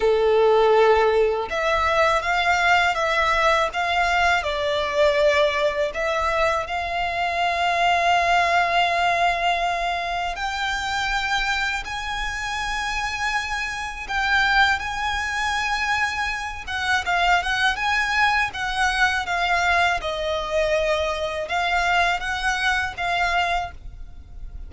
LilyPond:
\new Staff \with { instrumentName = "violin" } { \time 4/4 \tempo 4 = 81 a'2 e''4 f''4 | e''4 f''4 d''2 | e''4 f''2.~ | f''2 g''2 |
gis''2. g''4 | gis''2~ gis''8 fis''8 f''8 fis''8 | gis''4 fis''4 f''4 dis''4~ | dis''4 f''4 fis''4 f''4 | }